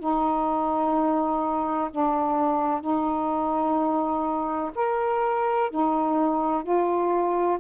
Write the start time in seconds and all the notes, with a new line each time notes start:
0.00 D#4
1.91 D4
2.81 D#4
4.76 A#4
5.71 D#4
6.64 F4